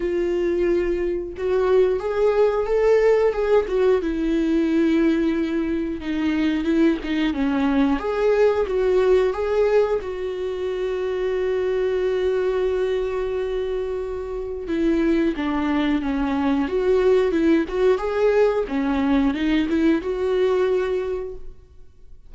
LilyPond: \new Staff \with { instrumentName = "viola" } { \time 4/4 \tempo 4 = 90 f'2 fis'4 gis'4 | a'4 gis'8 fis'8 e'2~ | e'4 dis'4 e'8 dis'8 cis'4 | gis'4 fis'4 gis'4 fis'4~ |
fis'1~ | fis'2 e'4 d'4 | cis'4 fis'4 e'8 fis'8 gis'4 | cis'4 dis'8 e'8 fis'2 | }